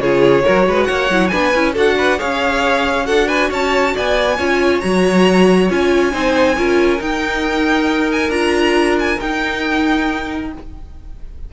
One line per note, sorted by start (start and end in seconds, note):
0.00 0.44 C#3
0.00 0.43 F4
0.00 0.44 G#4
0.00 0.84 C#5
0.43 0.67 F#3
0.43 1.09 F#4
0.43 0.66 A#4
0.67 0.89 G#3
0.67 0.88 B4
0.84 1.10 A#3
0.84 1.31 C#5
0.84 1.28 F#5
1.10 1.32 F#3
1.10 1.31 E4
1.28 1.55 B3
1.28 1.53 D4
1.28 1.74 B4
1.28 1.72 G#5
1.55 1.76 C#4
1.55 1.75 E4
1.74 2.20 D4
1.74 2.19 F#4
1.74 1.96 A4
1.74 2.20 F#5
1.98 2.19 B4
2.19 3.09 C#4
2.19 3.05 G#4
2.19 3.06 C#5
2.19 3.06 F5
3.05 3.51 D4
3.05 4.36 F#4
3.05 3.28 A4
3.05 3.28 F#5
3.28 3.50 B4
3.28 3.50 G#5
3.50 3.95 C#4
3.50 3.94 C#5
3.50 3.97 A5
3.95 4.39 B3
3.95 4.37 D5
3.95 4.81 G#5
4.37 4.82 C#4
4.37 4.83 F4
4.37 6.12 C#5
4.81 5.70 F#3
4.81 5.69 F#4
4.81 5.68 A#5
5.69 6.14 C#4
5.69 6.12 F4
5.69 7.02 G#5
6.12 6.57 C4
6.12 6.56 D#4
6.12 6.56 C5
6.57 7.01 C#4
6.57 6.98 F4
6.57 10.52 A#4
6.98 8.30 D#4
6.98 8.29 D#4
6.98 8.11 G5
8.12 8.31 G#5
8.29 9.17 D4
8.29 9.18 F4
8.29 8.96 A#5
8.99 9.20 G#5
9.20 10.53 D#4
9.20 10.52 G5